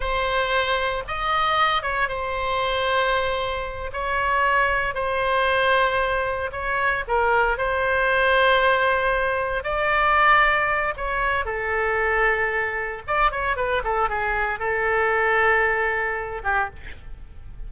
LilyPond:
\new Staff \with { instrumentName = "oboe" } { \time 4/4 \tempo 4 = 115 c''2 dis''4. cis''8 | c''2.~ c''8 cis''8~ | cis''4. c''2~ c''8~ | c''8 cis''4 ais'4 c''4.~ |
c''2~ c''8 d''4.~ | d''4 cis''4 a'2~ | a'4 d''8 cis''8 b'8 a'8 gis'4 | a'2.~ a'8 g'8 | }